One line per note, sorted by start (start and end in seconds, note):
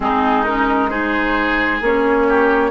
0.00 1.81 G#3
0.00 0.45 C4
0.00 0.90 D#4
0.00 0.44 G#4
0.44 0.89 C#4
0.44 0.89 A#4
0.89 1.80 D#4
0.89 2.27 G#4
0.89 1.80 C5
1.81 2.70 A#3
1.81 2.70 C#4
1.81 2.70 C#5
2.28 2.70 G4